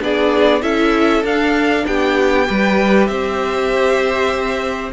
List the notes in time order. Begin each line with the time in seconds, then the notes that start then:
0.00 B3 D4 G#4 D5
0.62 C#4 E4 A4 E5
1.24 D4 F5
1.86 B3 G4 G5
2.46 G3 G4 B4
3.07 C4 C5 E5